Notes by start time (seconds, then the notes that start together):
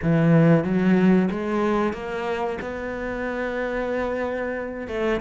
0.02 E3
0.63 F#3
1.30 G#3
1.93 A#3
2.61 B3
4.87 A3